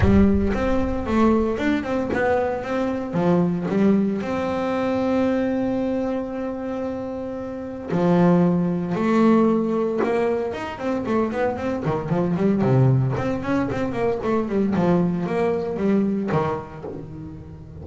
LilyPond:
\new Staff \with { instrumentName = "double bass" } { \time 4/4 \tempo 4 = 114 g4 c'4 a4 d'8 c'8 | b4 c'4 f4 g4 | c'1~ | c'2. f4~ |
f4 a2 ais4 | dis'8 c'8 a8 b8 c'8 dis8 f8 g8 | c4 c'8 cis'8 c'8 ais8 a8 g8 | f4 ais4 g4 dis4 | }